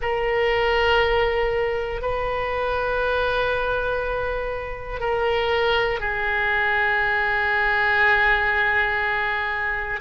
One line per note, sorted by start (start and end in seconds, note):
0.01 2.01 A#4
2.01 5.00 B4
5.00 6.00 A#4
6.00 10.00 G#4